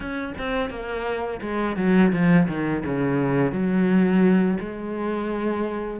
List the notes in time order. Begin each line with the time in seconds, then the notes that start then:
0.00 C#4
0.38 C4
0.70 A#3
1.41 G#3
1.76 F#3
2.12 F3
2.48 D#3
2.85 C#3
3.52 F#3
4.59 G#3